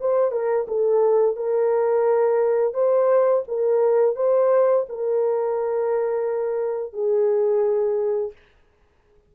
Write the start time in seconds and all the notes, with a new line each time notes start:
0.00 C5
0.31 A#4
0.68 A4
1.36 A#4
2.73 C5
3.48 A#4
4.16 C5
4.89 A#4
6.93 G#4